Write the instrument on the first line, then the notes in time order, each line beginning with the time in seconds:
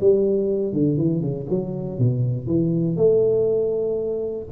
tuba
0.00 G3
0.72 D3
0.97 E3
1.20 C#3
1.49 F#3
1.98 B2
2.46 E3
2.96 A3